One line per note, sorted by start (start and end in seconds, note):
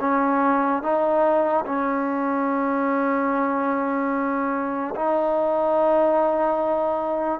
0.00 0.82 C#4
0.82 1.64 D#4
1.66 4.94 C#4
4.95 7.40 D#4